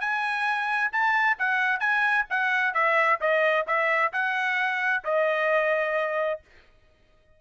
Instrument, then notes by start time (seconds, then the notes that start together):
trumpet
0.00 G#5
0.92 A5
1.38 F#5
1.80 G#5
2.29 F#5
2.74 E5
3.20 D#5
3.67 E5
4.12 F#5
5.04 D#5